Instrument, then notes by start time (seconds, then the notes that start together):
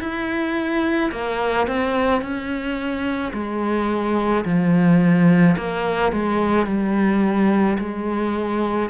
cello
0.00 E4
1.11 A#3
1.67 C4
2.21 C#4
3.33 G#3
4.44 F3
5.57 A#3
6.12 G#3
6.66 G3
7.79 G#3